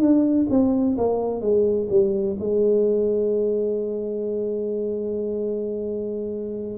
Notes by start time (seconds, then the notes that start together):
0.00 D4
0.50 C4
0.98 A#3
1.41 G#3
1.90 G3
2.40 G#3